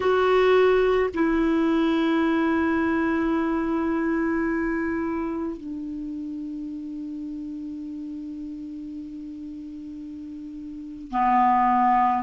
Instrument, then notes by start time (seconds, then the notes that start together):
clarinet
0.00 F#4
1.14 E4
5.57 D4
11.11 B3